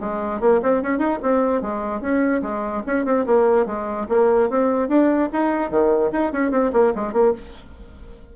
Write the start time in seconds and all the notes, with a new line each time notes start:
0.00 G#3
0.41 A#3
0.63 C4
0.82 C#4
0.99 D#4
1.23 C4
1.62 G#3
2.01 C#4
2.42 G#3
2.86 C#4
3.05 C4
3.26 A#3
3.66 G#3
4.09 A#3
4.50 C4
4.89 D4
5.33 D#4
5.71 D#3
6.12 D#4
6.33 C#4
6.51 C4
6.73 A#3
6.95 G#3
7.13 A#3